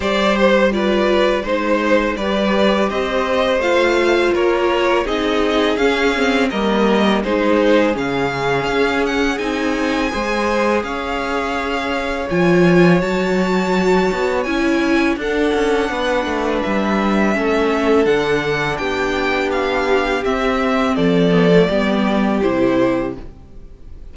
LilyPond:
<<
  \new Staff \with { instrumentName = "violin" } { \time 4/4 \tempo 4 = 83 d''8 c''8 d''4 c''4 d''4 | dis''4 f''4 cis''4 dis''4 | f''4 dis''4 c''4 f''4~ | f''8 fis''8 gis''2 f''4~ |
f''4 gis''4 a''2 | gis''4 fis''2 e''4~ | e''4 fis''4 g''4 f''4 | e''4 d''2 c''4 | }
  \new Staff \with { instrumentName = "violin" } { \time 4/4 c''4 b'4 c''4 b'4 | c''2 ais'4 gis'4~ | gis'4 ais'4 gis'2~ | gis'2 c''4 cis''4~ |
cis''1~ | cis''4 a'4 b'2 | a'2 g'2~ | g'4 a'4 g'2 | }
  \new Staff \with { instrumentName = "viola" } { \time 4/4 g'4 f'4 dis'4 g'4~ | g'4 f'2 dis'4 | cis'8 c'8 ais4 dis'4 cis'4~ | cis'4 dis'4 gis'2~ |
gis'4 f'4 fis'2 | e'4 d'2. | cis'4 d'2. | c'4. b16 a16 b4 e'4 | }
  \new Staff \with { instrumentName = "cello" } { \time 4/4 g2 gis4 g4 | c'4 a4 ais4 c'4 | cis'4 g4 gis4 cis4 | cis'4 c'4 gis4 cis'4~ |
cis'4 f4 fis4. b8 | cis'4 d'8 cis'8 b8 a8 g4 | a4 d4 b2 | c'4 f4 g4 c4 | }
>>